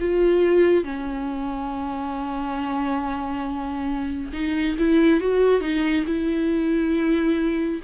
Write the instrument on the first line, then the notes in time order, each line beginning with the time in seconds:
viola
0.00 F4
0.84 C#4
4.33 D#4
4.78 E4
5.21 F#4
5.61 D#4
6.06 E4